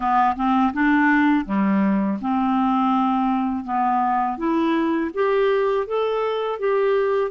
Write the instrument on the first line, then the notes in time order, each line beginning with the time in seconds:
clarinet
0.00 B3
0.36 C4
0.73 D4
1.45 G3
2.21 C4
3.64 B3
4.37 E4
5.14 G4
5.86 A4
6.59 G4